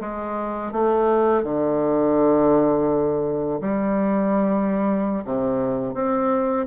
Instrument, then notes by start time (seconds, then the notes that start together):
bassoon
0.00 G#3
0.72 A3
1.44 D3
3.61 G3
5.24 C3
5.94 C4